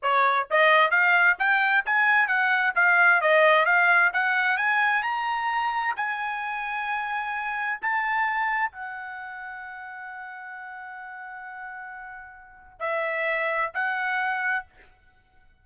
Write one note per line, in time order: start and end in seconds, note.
0.02 0.48 C#5
0.50 0.90 D#5
0.90 1.36 F5
1.38 1.84 G5
1.85 2.27 G#5
2.27 2.73 F#5
2.75 3.21 F5
3.21 3.65 D#5
3.65 4.11 F5
4.13 4.57 F#5
4.57 5.03 G#5
5.03 5.94 A#5
5.96 7.79 G#5
7.81 8.71 A5
8.71 12.79 F#5
12.79 13.71 E5
13.74 14.65 F#5